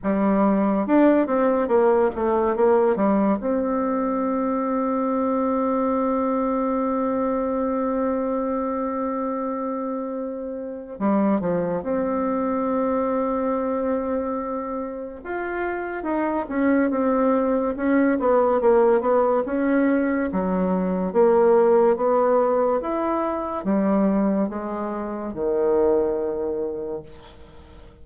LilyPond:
\new Staff \with { instrumentName = "bassoon" } { \time 4/4 \tempo 4 = 71 g4 d'8 c'8 ais8 a8 ais8 g8 | c'1~ | c'1~ | c'4 g8 f8 c'2~ |
c'2 f'4 dis'8 cis'8 | c'4 cis'8 b8 ais8 b8 cis'4 | fis4 ais4 b4 e'4 | g4 gis4 dis2 | }